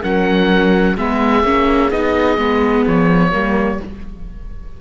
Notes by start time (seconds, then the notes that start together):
0.00 F#3 C#4 A#4 F#5
0.97 G#3 B3 G#4 E5
1.43 A#3 C#4
1.90 B3 D#4 D#5
2.38 G#3 B3
2.87 F3 C#5
3.31 G3 A#3 A#4